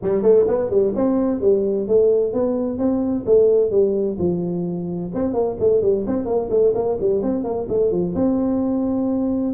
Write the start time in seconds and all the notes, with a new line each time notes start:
0.02 G3
0.22 A3
0.47 B3
0.70 G3
0.95 C4
1.41 G3
1.87 A3
2.33 B3
2.78 C4
3.26 A3
3.70 G3
4.18 F3
5.14 C4
5.33 A#3
5.59 A3
5.81 G3
6.06 C4
6.25 A#3
6.49 A3
6.74 A#3
7.00 G3
7.22 C4
7.44 A#3
7.68 A3
7.91 F3
8.15 C4